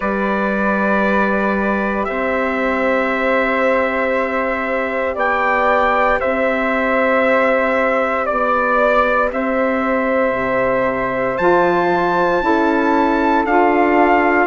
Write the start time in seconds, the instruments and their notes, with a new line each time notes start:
0.00 bassoon G3, saxophone G4, flute B4, trumpet D5
2.04 bassoon C4, flute C5, trumpet E5
5.14 bassoon B3, flute D5, trumpet G5
6.20 bassoon C4, flute C5, trumpet E5
8.25 bassoon B3, flute D5, trumpet D5
9.31 bassoon C4, flute C5, trumpet E5
10.32 bassoon C3
11.37 bassoon F3, saxophone F4, trumpet A5
12.41 bassoon C#4, saxophone E4, flute A4
13.45 bassoon D4, saxophone F4, trumpet F5